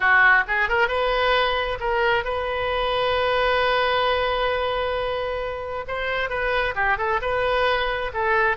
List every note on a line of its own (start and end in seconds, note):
0.00 0.43 F#4
0.47 0.68 G#4
0.68 0.88 A#4
0.88 1.78 B4
1.80 2.24 A#4
2.24 5.85 B4
5.87 6.29 C5
6.29 6.74 B4
6.75 6.97 G4
6.97 7.20 A4
7.21 8.11 B4
8.13 8.56 A4